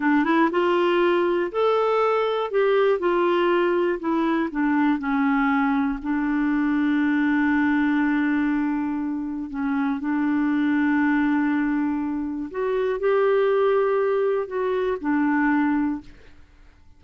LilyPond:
\new Staff \with { instrumentName = "clarinet" } { \time 4/4 \tempo 4 = 120 d'8 e'8 f'2 a'4~ | a'4 g'4 f'2 | e'4 d'4 cis'2 | d'1~ |
d'2. cis'4 | d'1~ | d'4 fis'4 g'2~ | g'4 fis'4 d'2 | }